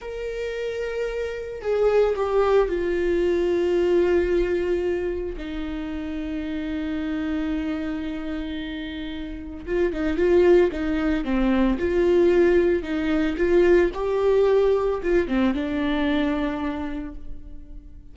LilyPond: \new Staff \with { instrumentName = "viola" } { \time 4/4 \tempo 4 = 112 ais'2. gis'4 | g'4 f'2.~ | f'2 dis'2~ | dis'1~ |
dis'2 f'8 dis'8 f'4 | dis'4 c'4 f'2 | dis'4 f'4 g'2 | f'8 c'8 d'2. | }